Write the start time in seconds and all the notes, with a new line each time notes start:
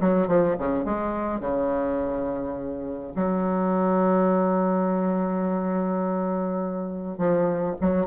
0.00 F#3
0.27 F3
0.58 C#3
0.84 G#3
1.40 C#3
3.15 F#3
7.18 F3
7.80 F#3